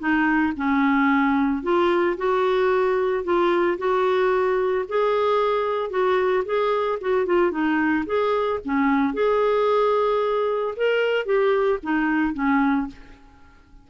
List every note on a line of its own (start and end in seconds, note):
0.00 0.54 D#4
0.57 1.63 C#4
1.63 2.17 F4
2.18 3.24 F#4
3.24 3.78 F4
3.78 4.86 F#4
4.89 5.90 G#4
5.90 6.44 F#4
6.46 6.99 G#4
7.01 7.26 F#4
7.26 7.51 F4
7.51 8.05 D#4
8.06 8.60 G#4
8.65 9.14 C#4
9.14 10.75 G#4
10.77 11.26 A#4
11.26 11.79 G4
11.83 12.34 D#4
12.34 12.88 C#4